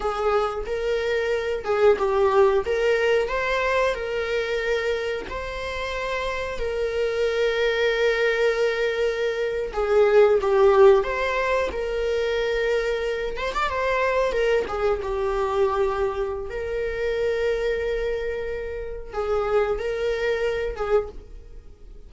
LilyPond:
\new Staff \with { instrumentName = "viola" } { \time 4/4 \tempo 4 = 91 gis'4 ais'4. gis'8 g'4 | ais'4 c''4 ais'2 | c''2 ais'2~ | ais'2~ ais'8. gis'4 g'16~ |
g'8. c''4 ais'2~ ais'16~ | ais'16 c''16 d''16 c''4 ais'8 gis'8 g'4~ g'16~ | g'4 ais'2.~ | ais'4 gis'4 ais'4. gis'8 | }